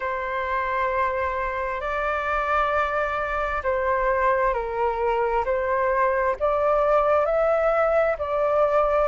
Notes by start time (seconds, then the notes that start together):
0.00 C5
1.80 D5
3.63 C5
4.53 A#4
5.45 C5
6.39 D5
7.25 E5
8.18 D5